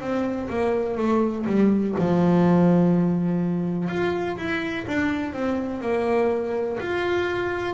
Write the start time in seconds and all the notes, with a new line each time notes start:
0.00 C4
0.49 A#3
0.97 A3
1.46 G3
1.98 F3
3.88 F4
4.37 E4
4.87 D4
5.32 C4
5.81 A#3
6.80 F4